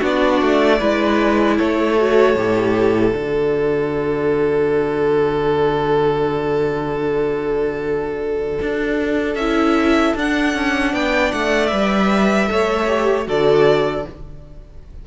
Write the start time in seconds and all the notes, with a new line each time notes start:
0.00 B3 D4 F#4 D5
0.42 A3
0.79 G#3 E4 B4
1.57 A3 A4 C#5
1.98 F#4
2.35 A2 G4
3.13 D3 F#4 D5
8.61 D4
9.35 C#4 E4 E5
10.16 D4 F#5
10.54 C#4
10.93 B3 D5 G5
11.32 A3 F#5
11.67 G3 B4 E5
12.47 A3 A4 C#5
12.87 G4
13.26 D3 F#4 A4 D5